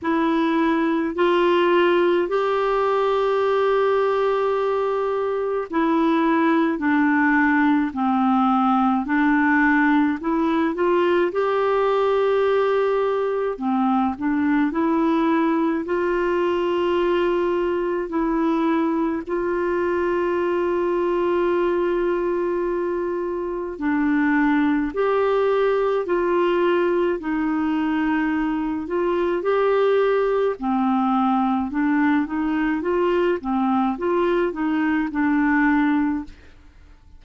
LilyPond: \new Staff \with { instrumentName = "clarinet" } { \time 4/4 \tempo 4 = 53 e'4 f'4 g'2~ | g'4 e'4 d'4 c'4 | d'4 e'8 f'8 g'2 | c'8 d'8 e'4 f'2 |
e'4 f'2.~ | f'4 d'4 g'4 f'4 | dis'4. f'8 g'4 c'4 | d'8 dis'8 f'8 c'8 f'8 dis'8 d'4 | }